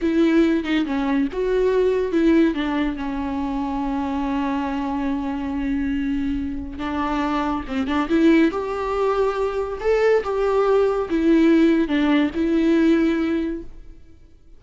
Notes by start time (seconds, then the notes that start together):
0.01 E4
0.64 D#4
0.85 C#4
1.32 F#4
2.11 E4
2.54 D4
2.96 C#4
6.78 D4
7.67 C4
7.87 D4
8.09 E4
8.51 G4
9.80 A4
10.23 G4
11.09 E4
11.87 D4
12.34 E4